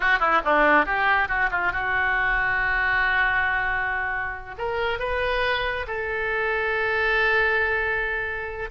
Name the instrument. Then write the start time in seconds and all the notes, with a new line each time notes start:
oboe
0.00 F#4
0.19 E4
0.44 D4
0.85 G4
1.28 F#4
1.50 F4
1.72 F#4
4.58 A#4
4.99 B4
5.87 A4